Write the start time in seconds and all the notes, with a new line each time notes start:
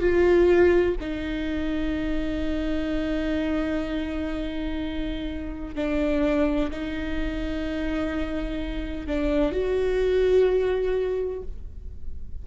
0.00 F4
1.00 D#4
5.75 D4
6.71 D#4
9.07 D4
9.52 F#4